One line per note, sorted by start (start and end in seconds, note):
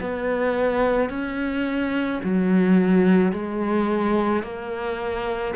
0.00 1.09 B3
1.09 2.20 C#4
2.23 3.32 F#3
3.32 4.43 G#3
4.43 5.54 A#3